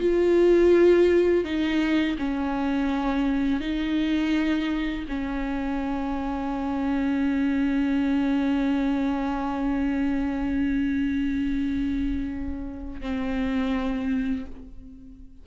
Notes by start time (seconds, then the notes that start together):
0.00 F4
1.44 D#4
2.18 C#4
3.60 D#4
5.08 C#4
13.01 C4